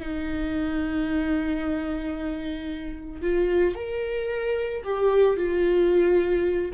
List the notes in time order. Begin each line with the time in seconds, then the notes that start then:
0.00 D#4
3.22 F4
3.76 A#4
4.85 G4
5.37 F4